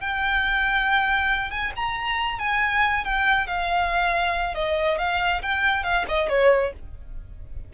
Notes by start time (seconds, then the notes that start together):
0.00 G5
1.50 G#5
1.76 A#5
2.39 G#5
3.04 G5
3.47 F5
4.54 D#5
4.98 F5
5.42 G5
5.83 F5
6.08 D#5
6.29 C#5